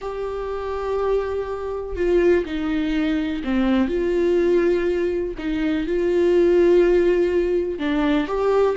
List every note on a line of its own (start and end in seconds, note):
0.01 1.96 G4
1.96 2.44 F4
2.45 3.42 D#4
3.44 3.88 C4
3.88 5.34 F4
5.38 5.86 D#4
5.86 7.78 F4
7.78 8.27 D4
8.27 8.76 G4